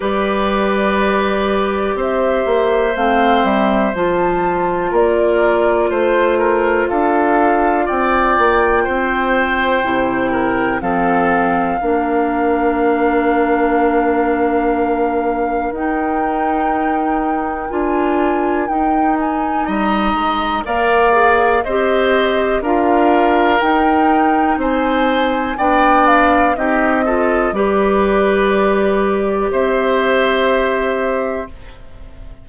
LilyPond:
<<
  \new Staff \with { instrumentName = "flute" } { \time 4/4 \tempo 4 = 61 d''2 e''4 f''8 e''8 | a''4 d''4 c''4 f''4 | g''2. f''4~ | f''1 |
g''2 gis''4 g''8 gis''8 | ais''4 f''4 dis''4 f''4 | g''4 gis''4 g''8 f''8 dis''4 | d''2 e''2 | }
  \new Staff \with { instrumentName = "oboe" } { \time 4/4 b'2 c''2~ | c''4 ais'4 c''8 ais'8 a'4 | d''4 c''4. ais'8 a'4 | ais'1~ |
ais'1 | dis''4 d''4 c''4 ais'4~ | ais'4 c''4 d''4 g'8 a'8 | b'2 c''2 | }
  \new Staff \with { instrumentName = "clarinet" } { \time 4/4 g'2. c'4 | f'1~ | f'2 e'4 c'4 | d'1 |
dis'2 f'4 dis'4~ | dis'4 ais'8 gis'8 g'4 f'4 | dis'2 d'4 dis'8 f'8 | g'1 | }
  \new Staff \with { instrumentName = "bassoon" } { \time 4/4 g2 c'8 ais8 a8 g8 | f4 ais4 a4 d'4 | c'8 ais8 c'4 c4 f4 | ais1 |
dis'2 d'4 dis'4 | g8 gis8 ais4 c'4 d'4 | dis'4 c'4 b4 c'4 | g2 c'2 | }
>>